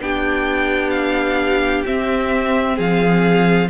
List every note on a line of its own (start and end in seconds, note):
0.00 1.85 B3
0.00 1.85 D4
0.00 2.76 G4
0.00 0.90 G5
0.90 1.82 F5
1.85 3.69 C4
1.85 2.78 C4
1.85 2.79 E5
2.76 3.69 F3
2.76 3.68 G#4
2.76 3.69 F5